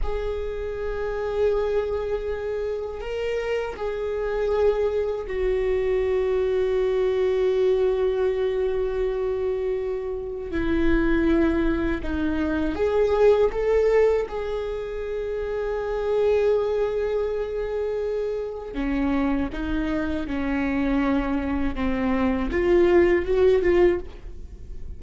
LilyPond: \new Staff \with { instrumentName = "viola" } { \time 4/4 \tempo 4 = 80 gis'1 | ais'4 gis'2 fis'4~ | fis'1~ | fis'2 e'2 |
dis'4 gis'4 a'4 gis'4~ | gis'1~ | gis'4 cis'4 dis'4 cis'4~ | cis'4 c'4 f'4 fis'8 f'8 | }